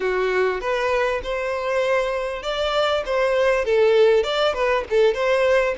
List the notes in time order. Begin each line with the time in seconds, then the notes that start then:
0.00 F#4
0.60 B4
1.23 C5
2.42 D5
3.05 C5
3.64 A4
4.23 D5
4.53 B4
4.90 A4
5.14 C5